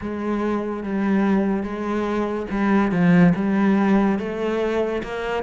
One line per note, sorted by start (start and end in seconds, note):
0.01 0.83 G#3
0.83 1.63 G3
1.63 2.46 G#3
2.50 2.91 G3
2.91 3.33 F3
3.35 4.18 G3
4.19 5.02 A3
5.03 5.43 A#3